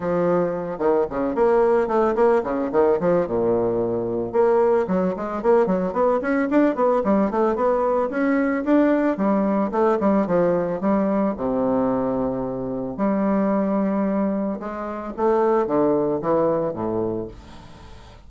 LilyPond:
\new Staff \with { instrumentName = "bassoon" } { \time 4/4 \tempo 4 = 111 f4. dis8 cis8 ais4 a8 | ais8 cis8 dis8 f8 ais,2 | ais4 fis8 gis8 ais8 fis8 b8 cis'8 | d'8 b8 g8 a8 b4 cis'4 |
d'4 g4 a8 g8 f4 | g4 c2. | g2. gis4 | a4 d4 e4 a,4 | }